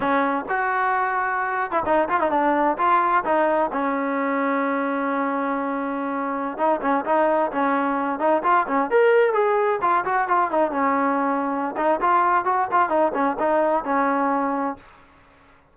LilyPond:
\new Staff \with { instrumentName = "trombone" } { \time 4/4 \tempo 4 = 130 cis'4 fis'2~ fis'8. e'16 | dis'8 f'16 dis'16 d'4 f'4 dis'4 | cis'1~ | cis'2~ cis'16 dis'8 cis'8 dis'8.~ |
dis'16 cis'4. dis'8 f'8 cis'8 ais'8.~ | ais'16 gis'4 f'8 fis'8 f'8 dis'8 cis'8.~ | cis'4. dis'8 f'4 fis'8 f'8 | dis'8 cis'8 dis'4 cis'2 | }